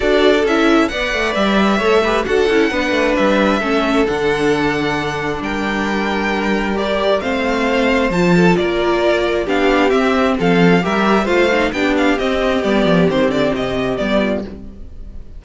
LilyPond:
<<
  \new Staff \with { instrumentName = "violin" } { \time 4/4 \tempo 4 = 133 d''4 e''4 fis''4 e''4~ | e''4 fis''2 e''4~ | e''4 fis''2. | g''2. d''4 |
f''2 a''4 d''4~ | d''4 f''4 e''4 f''4 | e''4 f''4 g''8 f''8 dis''4 | d''4 c''8 d''8 dis''4 d''4 | }
  \new Staff \with { instrumentName = "violin" } { \time 4/4 a'2 d''2 | cis''8 b'8 a'4 b'2 | a'1 | ais'1 |
c''2~ c''8 a'8 ais'4~ | ais'4 g'2 a'4 | ais'4 c''4 g'2~ | g'2.~ g'8 f'8 | }
  \new Staff \with { instrumentName = "viola" } { \time 4/4 fis'4 e'4 b'2 | a'8 g'8 fis'8 e'8 d'2 | cis'4 d'2.~ | d'2. g'4 |
c'2 f'2~ | f'4 d'4 c'2 | g'4 f'8 dis'8 d'4 c'4 | b4 c'2 b4 | }
  \new Staff \with { instrumentName = "cello" } { \time 4/4 d'4 cis'4 b8 a8 g4 | a4 d'8 cis'8 b8 a8 g4 | a4 d2. | g1 |
a2 f4 ais4~ | ais4 b4 c'4 f4 | g4 a4 b4 c'4 | g8 f8 dis8 d8 c4 g4 | }
>>